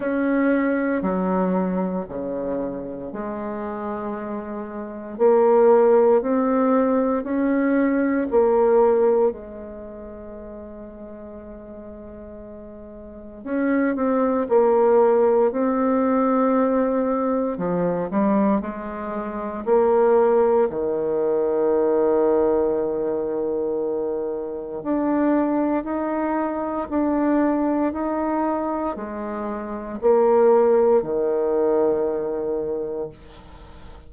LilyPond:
\new Staff \with { instrumentName = "bassoon" } { \time 4/4 \tempo 4 = 58 cis'4 fis4 cis4 gis4~ | gis4 ais4 c'4 cis'4 | ais4 gis2.~ | gis4 cis'8 c'8 ais4 c'4~ |
c'4 f8 g8 gis4 ais4 | dis1 | d'4 dis'4 d'4 dis'4 | gis4 ais4 dis2 | }